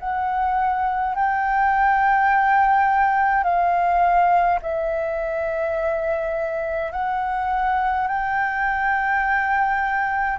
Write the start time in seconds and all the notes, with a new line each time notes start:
0.00 F#5
1.15 G5
3.44 F5
4.63 E5
6.92 F#5
8.08 G5